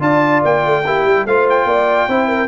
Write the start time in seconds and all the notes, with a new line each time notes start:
0.00 D4 F4 D5 A5
0.44 A#3 G5
0.65 A3
0.85 A#3 E4 G4
1.05 G3
1.25 A3 F4 C5 F5
1.50 G5
1.65 A#3 D5
2.08 C4 E4 C5
2.28 A#4